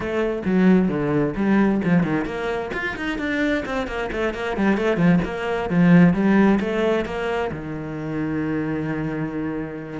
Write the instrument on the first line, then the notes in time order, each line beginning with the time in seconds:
cello
0.00 A3
0.45 F#3
0.88 D3
1.35 G3
1.84 F3
2.03 D#3
2.25 A#3
2.73 F4
2.96 D#4
3.18 D4
3.65 C4
3.87 A#3
4.12 A3
4.34 A#3
4.56 G3
4.77 A3
4.96 F3
5.24 A#3
5.69 F3
6.13 G3
6.60 A3
7.05 A#3
7.51 D#3